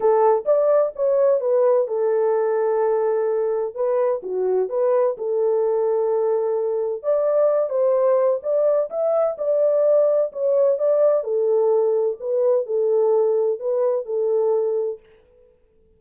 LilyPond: \new Staff \with { instrumentName = "horn" } { \time 4/4 \tempo 4 = 128 a'4 d''4 cis''4 b'4 | a'1 | b'4 fis'4 b'4 a'4~ | a'2. d''4~ |
d''8 c''4. d''4 e''4 | d''2 cis''4 d''4 | a'2 b'4 a'4~ | a'4 b'4 a'2 | }